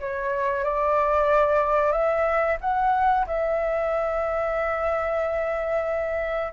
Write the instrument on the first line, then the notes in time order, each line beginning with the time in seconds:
flute
0.00 C#5
0.64 D5
1.92 E5
2.61 F#5
3.27 E5